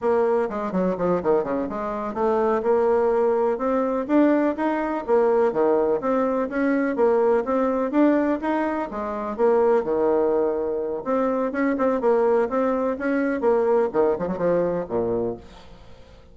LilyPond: \new Staff \with { instrumentName = "bassoon" } { \time 4/4 \tempo 4 = 125 ais4 gis8 fis8 f8 dis8 cis8 gis8~ | gis8 a4 ais2 c'8~ | c'8 d'4 dis'4 ais4 dis8~ | dis8 c'4 cis'4 ais4 c'8~ |
c'8 d'4 dis'4 gis4 ais8~ | ais8 dis2~ dis8 c'4 | cis'8 c'8 ais4 c'4 cis'4 | ais4 dis8 f16 fis16 f4 ais,4 | }